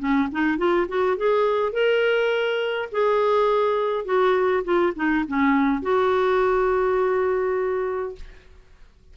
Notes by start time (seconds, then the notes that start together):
0.00 C#4
0.32 D#4
0.58 F4
0.89 F#4
1.17 G#4
1.73 A#4
2.92 G#4
4.05 F#4
4.64 F4
4.96 D#4
5.28 C#4
5.83 F#4